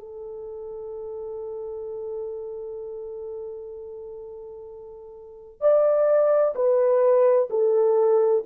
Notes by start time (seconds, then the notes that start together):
0.00 A4
5.61 D5
6.55 B4
7.50 A4